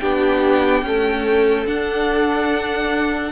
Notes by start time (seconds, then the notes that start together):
0.00 B3 D4 G4 G5
0.82 A3 C#4 A4
1.66 D4 F#5